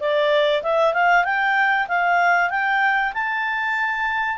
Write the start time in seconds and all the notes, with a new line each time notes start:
0.00 D5
0.63 E5
0.94 F5
1.25 G5
1.88 F5
2.50 G5
3.14 A5